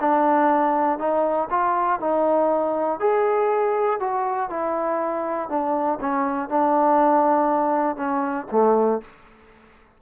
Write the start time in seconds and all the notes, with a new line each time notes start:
0.00 D4
0.98 D#4
1.50 F4
1.99 D#4
2.99 G#4
3.99 F#4
4.49 E4
5.49 D4
6.00 C#4
6.49 D4
7.96 C#4
8.51 A3